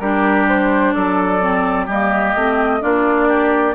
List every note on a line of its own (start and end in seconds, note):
0.00 0.94 G3
0.00 1.41 D4
0.00 0.95 G4
0.00 0.47 A#4
0.49 0.93 C5
0.93 1.88 F#3
0.93 1.86 A4
0.93 1.86 D5
1.41 1.88 C4
1.86 2.35 G3
1.86 2.38 A#3
1.86 2.80 G4
1.86 2.82 D#5
2.35 2.82 A3
2.35 2.81 C4
2.81 3.76 A#3
2.81 3.75 D4
2.81 3.28 F4
2.81 3.76 D5
3.28 3.75 G4